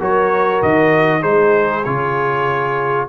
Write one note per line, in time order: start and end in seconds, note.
0.00 0.63 F#3
0.00 1.22 F#4
0.00 1.21 A#4
0.00 0.62 C#5
0.62 1.24 D#3
0.62 1.23 D#5
1.21 1.86 G#3
1.21 1.84 D#4
1.21 3.07 G#4
1.21 1.85 C5
1.85 3.09 C#3
1.85 3.09 F4
1.85 3.08 C#5